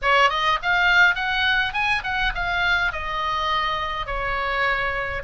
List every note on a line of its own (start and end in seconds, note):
0.02 0.29 C#5
0.29 0.58 D#5
0.62 1.15 F5
1.15 1.73 F#5
1.73 2.02 G#5
2.03 2.32 F#5
2.34 2.92 F5
2.92 4.06 D#5
4.06 5.22 C#5